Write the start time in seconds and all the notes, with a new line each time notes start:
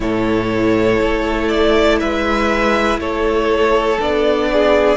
0.00 A2 E4 A4 C#5
1.01 A3
1.48 D5
1.99 G#3 B4 E5
2.98 A3 A4 C#5
4.00 B3 D4 D5
4.52 G#4